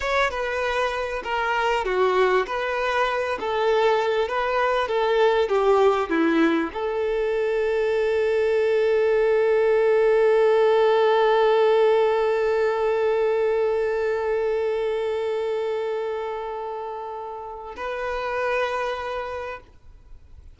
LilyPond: \new Staff \with { instrumentName = "violin" } { \time 4/4 \tempo 4 = 98 cis''8 b'4. ais'4 fis'4 | b'4. a'4. b'4 | a'4 g'4 e'4 a'4~ | a'1~ |
a'1~ | a'1~ | a'1~ | a'4 b'2. | }